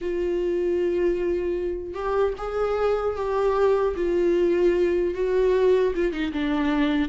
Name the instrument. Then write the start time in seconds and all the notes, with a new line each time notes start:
viola
0.01 F4
1.94 G4
2.37 G#4
3.15 G4
3.95 F4
5.14 F#4
5.95 F4
6.12 D#4
6.32 D4